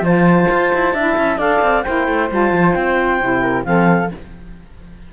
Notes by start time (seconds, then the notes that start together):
0.00 F3 F4 C5 A5
0.50 F4
0.74 E4
0.93 D4 E4 E5
1.17 C#4
1.37 D4 A4 D5 F5
1.61 C4
1.83 A#3 E4 C5 G5
2.07 A3
2.30 G3 F4 A5
2.52 F3
2.73 C4 G5
3.20 C3 E4
3.41 A#4
3.64 F3 C4 A4 F5